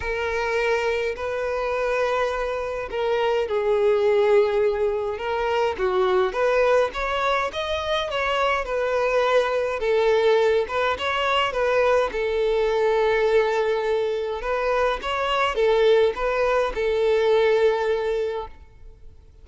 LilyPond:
\new Staff \with { instrumentName = "violin" } { \time 4/4 \tempo 4 = 104 ais'2 b'2~ | b'4 ais'4 gis'2~ | gis'4 ais'4 fis'4 b'4 | cis''4 dis''4 cis''4 b'4~ |
b'4 a'4. b'8 cis''4 | b'4 a'2.~ | a'4 b'4 cis''4 a'4 | b'4 a'2. | }